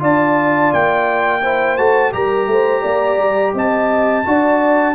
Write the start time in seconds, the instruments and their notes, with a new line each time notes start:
0.00 tuba D4, trombone F4, horn D5, trumpet A5
0.73 tuba A#3, trumpet G5
1.42 trombone E4, horn C5
1.77 tuba A3, trombone F#4, trumpet A5
2.12 tuba G3, trombone G4, horn A#4, trumpet A#5
2.47 tuba A3, horn C5
2.82 tuba A#3, horn D5
3.19 tuba G3
3.54 tuba C4, horn D#5, trumpet A5
4.26 tuba D4, trombone F#4, horn D5